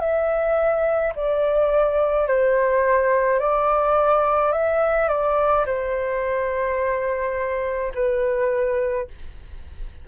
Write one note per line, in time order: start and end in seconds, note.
0.00 1.13 E5
1.16 2.27 D5
2.27 3.40 C5
3.40 4.52 D5
4.52 5.08 E5
5.08 5.65 D5
5.66 7.92 C5
7.95 9.08 B4